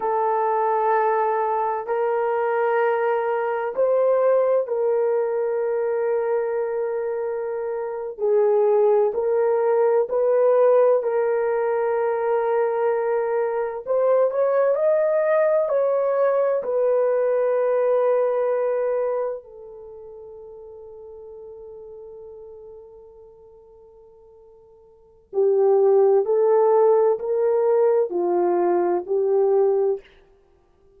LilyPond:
\new Staff \with { instrumentName = "horn" } { \time 4/4 \tempo 4 = 64 a'2 ais'2 | c''4 ais'2.~ | ais'8. gis'4 ais'4 b'4 ais'16~ | ais'2~ ais'8. c''8 cis''8 dis''16~ |
dis''8. cis''4 b'2~ b'16~ | b'8. a'2.~ a'16~ | a'2. g'4 | a'4 ais'4 f'4 g'4 | }